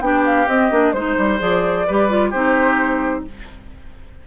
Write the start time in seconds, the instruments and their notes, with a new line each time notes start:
0.00 bassoon B3, clarinet D4, oboe G4, flute G5
0.25 flute F5
0.47 bassoon C4, clarinet C4, flute D#5
0.71 bassoon A#3, clarinet D4
0.92 bassoon G#3, clarinet D#4, flute C5, oboe C5
1.18 bassoon G3
1.39 bassoon F3, clarinet G#4, flute D5
1.87 bassoon G3, clarinet G4, oboe B4
2.09 clarinet F4
2.30 bassoon C4, clarinet D#4, oboe G4, flute C5